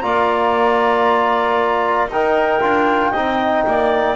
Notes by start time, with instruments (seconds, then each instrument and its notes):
0.00 double bass A#3, trombone F4, clarinet D5, flute A#5
2.08 double bass D#4, trombone D#4, clarinet A#4, flute G5
2.61 double bass D4, trombone F4
3.11 double bass C4, trombone D#4, clarinet D#5
3.67 double bass A#3, clarinet D5